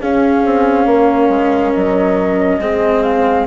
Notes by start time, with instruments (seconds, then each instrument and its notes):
0.00 bassoon C#4, cello C#4, horn G#4, flute F5
0.46 bassoon C4
0.86 bassoon A#3, horn A#4
1.29 bassoon G#3
1.73 bassoon F#3, flute D#5
2.59 bassoon G#3, cello C4, horn G#4
3.03 flute F5